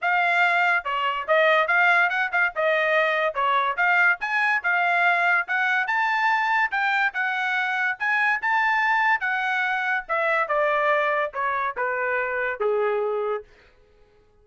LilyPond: \new Staff \with { instrumentName = "trumpet" } { \time 4/4 \tempo 4 = 143 f''2 cis''4 dis''4 | f''4 fis''8 f''8 dis''2 | cis''4 f''4 gis''4 f''4~ | f''4 fis''4 a''2 |
g''4 fis''2 gis''4 | a''2 fis''2 | e''4 d''2 cis''4 | b'2 gis'2 | }